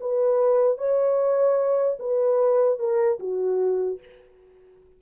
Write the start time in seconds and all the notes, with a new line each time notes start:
0.00 B4
0.77 C#5
1.99 B4
2.79 A#4
3.19 F#4